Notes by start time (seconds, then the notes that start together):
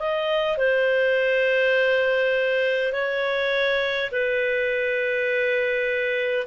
0.00 D#5
0.58 C5
2.93 C#5
4.12 B4